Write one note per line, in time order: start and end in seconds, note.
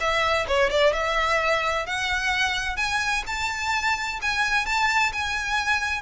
0.00 0.47 E5
0.47 0.70 C#5
0.70 0.93 D5
0.93 1.86 E5
1.86 2.77 F#5
2.77 3.23 G#5
3.27 4.20 A5
4.22 4.66 G#5
4.66 5.12 A5
5.12 6.02 G#5